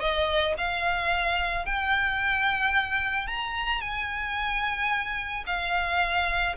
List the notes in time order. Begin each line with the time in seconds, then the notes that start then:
0.00 D#5
0.58 F5
1.66 G5
3.27 A#5
3.81 G#5
5.47 F5